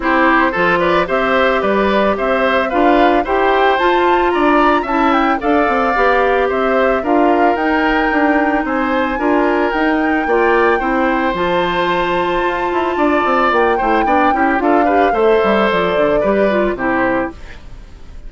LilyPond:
<<
  \new Staff \with { instrumentName = "flute" } { \time 4/4 \tempo 4 = 111 c''4. d''8 e''4 d''4 | e''4 f''4 g''4 a''4 | ais''4 a''8 g''8 f''2 | e''4 f''4 g''2 |
gis''2 g''2~ | g''4 a''2.~ | a''4 g''2 f''4 | e''4 d''2 c''4 | }
  \new Staff \with { instrumentName = "oboe" } { \time 4/4 g'4 a'8 b'8 c''4 b'4 | c''4 b'4 c''2 | d''4 e''4 d''2 | c''4 ais'2. |
c''4 ais'2 d''4 | c''1 | d''4. c''8 d''8 g'8 a'8 b'8 | c''2 b'4 g'4 | }
  \new Staff \with { instrumentName = "clarinet" } { \time 4/4 e'4 f'4 g'2~ | g'4 f'4 g'4 f'4~ | f'4 e'4 a'4 g'4~ | g'4 f'4 dis'2~ |
dis'4 f'4 dis'4 f'4 | e'4 f'2.~ | f'4. e'8 d'8 e'8 f'8 g'8 | a'2 g'8 f'8 e'4 | }
  \new Staff \with { instrumentName = "bassoon" } { \time 4/4 c'4 f4 c'4 g4 | c'4 d'4 e'4 f'4 | d'4 cis'4 d'8 c'8 b4 | c'4 d'4 dis'4 d'4 |
c'4 d'4 dis'4 ais4 | c'4 f2 f'8 e'8 | d'8 c'8 ais8 a8 b8 cis'8 d'4 | a8 g8 f8 d8 g4 c4 | }
>>